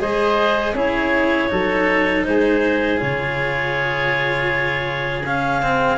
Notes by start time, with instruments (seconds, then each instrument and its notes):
0.00 tuba G#3, cello G#4, oboe C5, clarinet D#5
0.74 tuba C#4, cello E4, oboe G#4, clarinet C#5
1.49 tuba F#3, cello D#4, oboe A4
2.24 tuba G#3, oboe G#4, clarinet C5
2.97 tuba C#3, cello F4, clarinet C#5
5.25 cello C#4, clarinet F5
5.62 cello C4